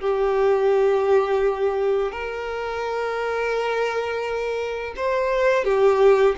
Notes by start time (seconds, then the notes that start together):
0.00 G4
2.11 A#4
4.96 C5
5.64 G4